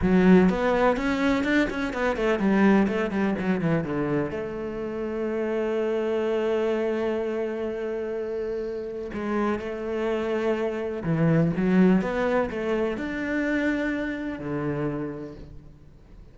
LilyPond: \new Staff \with { instrumentName = "cello" } { \time 4/4 \tempo 4 = 125 fis4 b4 cis'4 d'8 cis'8 | b8 a8 g4 a8 g8 fis8 e8 | d4 a2.~ | a1~ |
a2. gis4 | a2. e4 | fis4 b4 a4 d'4~ | d'2 d2 | }